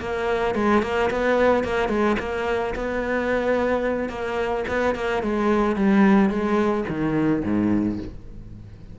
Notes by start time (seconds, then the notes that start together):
0.00 A#3
0.55 G#3
0.83 A#3
1.10 B3
1.64 A#3
1.89 G#3
2.19 A#3
2.75 B3
4.09 A#3
4.68 B3
4.95 A#3
5.23 G#3
5.76 G3
6.30 G#3
6.88 D#3
7.44 G#2